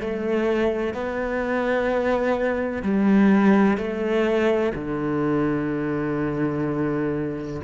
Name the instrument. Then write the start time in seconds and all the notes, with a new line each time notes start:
cello
0.00 A3
0.94 B3
2.82 G3
3.77 A3
4.75 D3